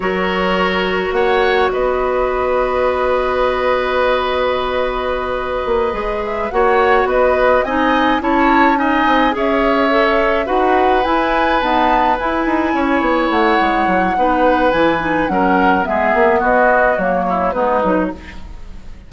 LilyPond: <<
  \new Staff \with { instrumentName = "flute" } { \time 4/4 \tempo 4 = 106 cis''2 fis''4 dis''4~ | dis''1~ | dis''2. e''8 fis''8~ | fis''8 dis''4 gis''4 a''4 gis''8~ |
gis''8 e''2 fis''4 gis''8~ | gis''8 a''4 gis''2 fis''8~ | fis''2 gis''4 fis''4 | e''4 dis''4 cis''4 b'4 | }
  \new Staff \with { instrumentName = "oboe" } { \time 4/4 ais'2 cis''4 b'4~ | b'1~ | b'2.~ b'8 cis''8~ | cis''8 b'4 dis''4 cis''4 dis''8~ |
dis''8 cis''2 b'4.~ | b'2~ b'8 cis''4.~ | cis''4 b'2 ais'4 | gis'4 fis'4. e'8 dis'4 | }
  \new Staff \with { instrumentName = "clarinet" } { \time 4/4 fis'1~ | fis'1~ | fis'2~ fis'8 gis'4 fis'8~ | fis'4. dis'4 e'4 dis'8~ |
dis'8 gis'4 a'4 fis'4 e'8~ | e'8 b4 e'2~ e'8~ | e'4 dis'4 e'8 dis'8 cis'4 | b2 ais4 b8 dis'8 | }
  \new Staff \with { instrumentName = "bassoon" } { \time 4/4 fis2 ais4 b4~ | b1~ | b2 ais8 gis4 ais8~ | ais8 b4 c'4 cis'4. |
c'8 cis'2 dis'4 e'8~ | e'8 dis'4 e'8 dis'8 cis'8 b8 a8 | gis8 fis8 b4 e4 fis4 | gis8 ais8 b4 fis4 gis8 fis8 | }
>>